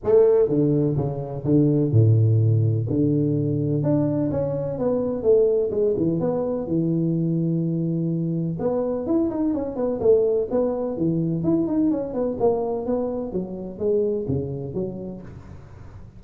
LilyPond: \new Staff \with { instrumentName = "tuba" } { \time 4/4 \tempo 4 = 126 a4 d4 cis4 d4 | a,2 d2 | d'4 cis'4 b4 a4 | gis8 e8 b4 e2~ |
e2 b4 e'8 dis'8 | cis'8 b8 a4 b4 e4 | e'8 dis'8 cis'8 b8 ais4 b4 | fis4 gis4 cis4 fis4 | }